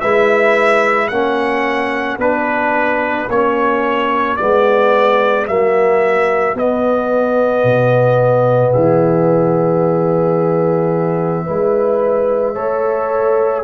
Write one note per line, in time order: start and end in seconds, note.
0.00 1.10 G#3
0.00 1.11 E4
0.00 1.10 B4
0.00 1.07 E5
1.07 2.17 A#3
1.07 2.19 C#4
1.07 8.71 F#4
1.07 2.17 F#5
2.17 3.27 B3
2.17 3.28 D4
2.17 3.29 B4
3.28 4.37 A#3
3.28 4.37 C#4
3.28 4.36 C#5
4.36 5.47 G#3
4.36 5.46 B3
4.36 5.45 D5
5.46 6.54 F#3
5.46 6.55 A#3
5.46 6.56 E5
6.54 7.63 B3
6.54 11.47 B3
6.54 8.72 D#5
7.64 8.73 B2
8.71 11.48 E3
8.71 11.44 G#4
8.71 13.63 E5
11.46 12.56 G#3
11.46 12.55 E4
11.46 12.54 B4
12.54 13.64 A3
12.54 13.64 A4
12.54 13.63 C#5